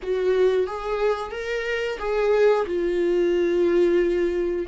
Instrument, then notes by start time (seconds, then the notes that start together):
viola
0.02 F#4
0.67 G#4
1.31 A#4
1.98 G#4
2.66 F4